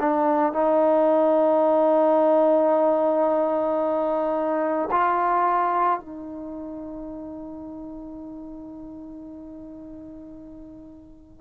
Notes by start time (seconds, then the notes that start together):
0.00 D4
0.53 D#4
4.91 F4
6.00 D#4